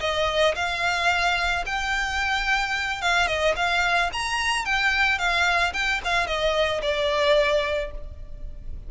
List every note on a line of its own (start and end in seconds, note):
0.00 0.55 D#5
0.55 1.64 F5
1.66 3.01 G5
3.01 3.27 F5
3.27 3.54 D#5
3.56 4.10 F5
4.13 4.65 A#5
4.65 5.18 G5
5.18 5.73 F5
5.73 6.00 G5
6.04 6.27 F5
6.27 6.81 D#5
6.82 7.91 D5